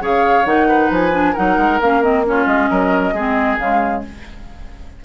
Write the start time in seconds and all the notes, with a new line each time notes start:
0.00 C#3 G#4 C#5 F5
0.45 D#3 D#4 F#5
0.68 B4
0.90 F3 G#5
1.12 D4
1.33 F#3 D#4 A#4 F#5
1.57 G#3
1.81 A#3 C#4 F5
2.02 C4 D#5
2.26 C#4 F4 C#5
2.46 G#3 D#5
2.69 F#3 A#4
3.13 G#3 C4 G#4
3.58 C#3 G#3 F5